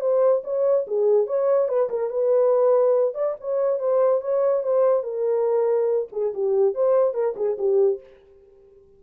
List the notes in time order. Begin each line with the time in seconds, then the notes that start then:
0.00 C5
0.44 C#5
0.87 G#4
1.26 C#5
1.68 B4
1.89 A#4
2.10 B4
3.14 D5
3.40 C#5
3.79 C5
4.21 C#5
4.63 C5
5.03 A#4
6.12 G#4
6.34 G4
6.74 C5
7.13 A#4
7.36 G#4
7.58 G4